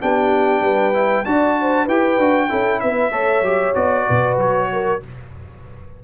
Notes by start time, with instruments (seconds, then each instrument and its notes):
0.00 tuba B3, trombone D4, horn G4, trumpet G5
0.60 tuba G3, horn B4
0.93 trombone E4
1.24 tuba D4, trombone F#4, horn D5, trumpet A5
1.61 horn C5
1.84 tuba E4, trombone G4, horn B4, trumpet G5
2.18 tuba D4, trombone F#4
2.49 tuba C#4, trombone E4, horn A4
2.80 tuba B3, horn B4, trumpet E5
3.11 tuba A3, trombone A4, horn C#5
3.41 tuba F#3, trombone G4
3.74 tuba B3, trombone F#4, trumpet D5
4.06 tuba B2, horn B4
4.37 tuba F#3, trumpet C#5
4.72 horn A#4